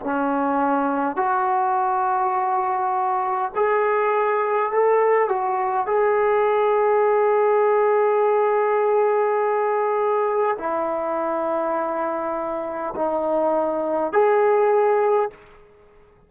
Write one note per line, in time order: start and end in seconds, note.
0.00 1.16 C#4
1.16 3.51 F#4
3.55 4.72 G#4
4.72 5.28 A4
5.28 5.86 F#4
5.86 10.57 G#4
10.59 12.94 E4
12.95 14.12 D#4
14.12 15.30 G#4